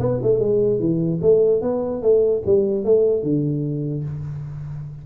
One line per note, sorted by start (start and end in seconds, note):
0.00 0.20 B3
0.22 0.40 A3
0.40 0.80 G#3
0.80 1.20 E3
1.22 1.62 A3
1.62 2.02 B3
2.02 2.43 A3
2.46 2.85 G3
2.85 3.23 A3
3.23 4.04 D3